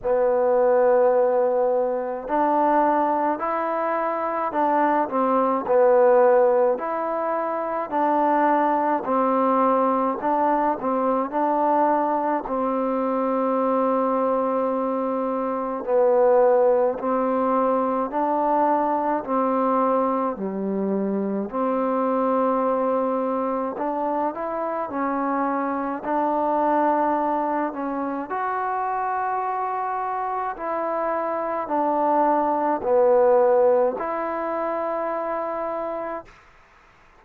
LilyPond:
\new Staff \with { instrumentName = "trombone" } { \time 4/4 \tempo 4 = 53 b2 d'4 e'4 | d'8 c'8 b4 e'4 d'4 | c'4 d'8 c'8 d'4 c'4~ | c'2 b4 c'4 |
d'4 c'4 g4 c'4~ | c'4 d'8 e'8 cis'4 d'4~ | d'8 cis'8 fis'2 e'4 | d'4 b4 e'2 | }